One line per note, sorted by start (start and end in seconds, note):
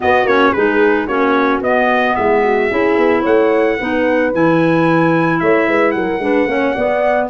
0.00 0.26 B3
0.00 0.24 B3
0.00 0.53 F#4
0.00 0.27 D#5
0.24 0.51 A#3
0.24 0.55 C#4
0.24 0.52 C#5
0.52 1.08 G#3
0.52 1.08 D#4
0.52 1.06 G#4
0.52 1.07 B4
1.06 1.61 A#3
1.06 1.62 C#4
1.06 2.14 F#4
1.06 1.61 C#5
1.61 2.15 B3
1.61 2.70 B3
1.61 2.15 D#5
2.15 2.71 G#3
2.15 2.43 E4
2.15 3.24 E5
2.43 2.70 F#4
2.70 2.97 C#4
2.70 3.78 E4
2.70 3.20 G#4
2.97 3.24 B3
3.20 3.79 A3
3.20 3.74 C#5
3.20 4.33 F#5
3.77 4.34 B3
3.77 4.33 D#4
3.77 5.40 B4
4.33 5.41 E3
4.33 6.20 E4
4.33 5.39 G#5
5.39 5.67 A3
5.39 5.67 C#5
5.39 5.91 E5
5.67 5.94 G#3
5.67 5.94 B4
5.91 6.18 F#3
5.91 6.22 A#4
5.91 7.26 F#5
6.18 6.45 G#3
6.18 6.47 D4
6.18 6.49 B4
6.47 6.74 A#3
6.47 6.74 C#4
6.47 6.75 C#5
6.75 7.29 B3
6.75 7.29 D5